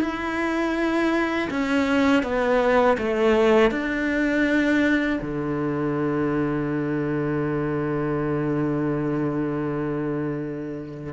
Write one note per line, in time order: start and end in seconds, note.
0.00 1.48 E4
1.50 2.23 C#4
2.23 2.97 B3
2.98 3.70 A3
3.70 5.19 D4
5.21 11.13 D3